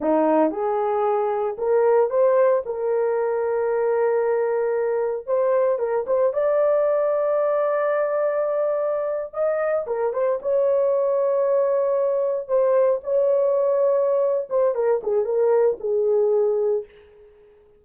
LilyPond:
\new Staff \with { instrumentName = "horn" } { \time 4/4 \tempo 4 = 114 dis'4 gis'2 ais'4 | c''4 ais'2.~ | ais'2 c''4 ais'8 c''8 | d''1~ |
d''4.~ d''16 dis''4 ais'8 c''8 cis''16~ | cis''2.~ cis''8. c''16~ | c''8. cis''2~ cis''8. c''8 | ais'8 gis'8 ais'4 gis'2 | }